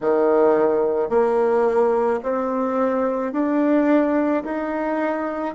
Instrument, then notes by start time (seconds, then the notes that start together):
bassoon
0.00 D#3
1.09 A#3
2.22 C4
3.32 D4
4.44 D#4